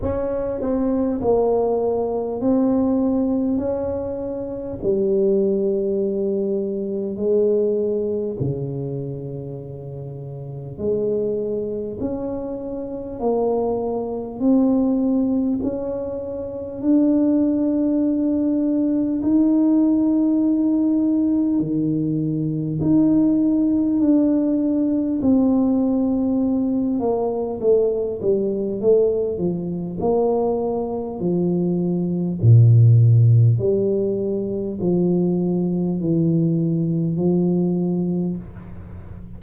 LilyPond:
\new Staff \with { instrumentName = "tuba" } { \time 4/4 \tempo 4 = 50 cis'8 c'8 ais4 c'4 cis'4 | g2 gis4 cis4~ | cis4 gis4 cis'4 ais4 | c'4 cis'4 d'2 |
dis'2 dis4 dis'4 | d'4 c'4. ais8 a8 g8 | a8 f8 ais4 f4 ais,4 | g4 f4 e4 f4 | }